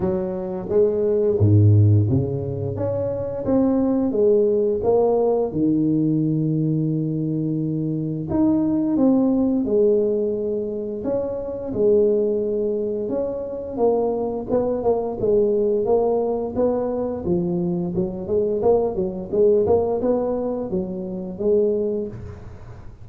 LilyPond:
\new Staff \with { instrumentName = "tuba" } { \time 4/4 \tempo 4 = 87 fis4 gis4 gis,4 cis4 | cis'4 c'4 gis4 ais4 | dis1 | dis'4 c'4 gis2 |
cis'4 gis2 cis'4 | ais4 b8 ais8 gis4 ais4 | b4 f4 fis8 gis8 ais8 fis8 | gis8 ais8 b4 fis4 gis4 | }